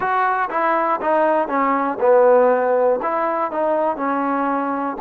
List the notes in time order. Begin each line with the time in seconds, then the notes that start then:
0.00 F#4
0.50 E4
1.00 D#4
1.48 C#4
2.00 B3
3.02 E4
3.50 D#4
3.96 C#4